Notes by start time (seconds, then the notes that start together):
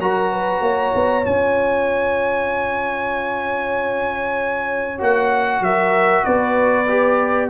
0.00 F#3 F#4 A#4 A#5
0.33 B4
0.61 A#3 C#5
0.95 B3
1.24 C#4 F4 G#5
4.99 A#3 F#4 F#5
5.61 F#3 A#4 E5
6.25 B3 B4 D5
6.89 G4